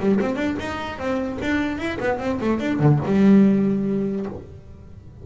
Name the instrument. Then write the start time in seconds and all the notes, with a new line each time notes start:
double bass
0.00 G3
0.20 C4
0.36 D4
0.59 D#4
0.98 C4
1.42 D4
1.78 E4
2.00 B3
2.19 C4
2.41 A3
2.60 D4
2.79 D3
3.05 G3